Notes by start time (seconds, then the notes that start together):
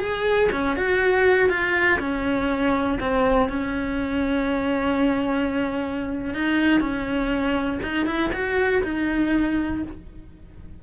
0.00 G#4
0.52 C#4
0.77 F#4
1.50 F4
2.00 C#4
3.00 C4
3.49 C#4
6.34 D#4
6.80 C#4
7.83 D#4
8.06 E4
8.33 F#4
8.84 D#4